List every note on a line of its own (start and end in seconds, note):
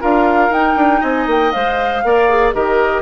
0.00 0.49 D4
0.00 0.50 F4
0.00 1.01 A#4
0.00 0.52 F5
0.49 0.75 D#4
0.49 1.53 D#4
0.49 1.02 G5
0.76 1.01 D4
1.01 1.27 C4
1.01 2.01 D#5
1.01 1.27 G#5
1.27 1.52 A#3
1.27 1.52 G5
1.52 2.03 G#3
1.52 2.03 C5
1.52 2.52 F5
2.03 2.54 A#3
2.03 2.29 A#4
2.03 2.54 D5
2.29 2.53 G#4
2.53 3.02 D#3
2.53 3.02 G4
2.53 3.02 A#4
2.53 3.02 D#5